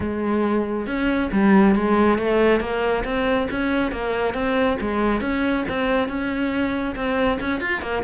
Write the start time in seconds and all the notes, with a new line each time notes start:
0.00 G#3
0.86 C#4
1.32 G3
1.75 G#3
2.18 A3
2.60 A#3
3.04 C4
3.50 C#4
3.91 A#3
4.34 C4
4.80 G#3
5.21 C#4
5.69 C4
6.08 C#4
6.95 C4
7.40 C#4
7.60 F4
7.81 A#3